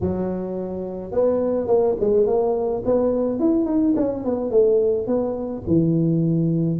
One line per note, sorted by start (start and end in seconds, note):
0.00 1.11 F#3
1.11 1.67 B3
1.67 1.95 A#3
2.00 2.26 G#3
2.26 2.83 A#3
2.85 3.39 B3
3.39 3.65 E4
3.65 3.94 D#4
3.96 4.24 C#4
4.24 4.51 B3
4.51 5.06 A3
5.06 5.63 B3
5.67 6.79 E3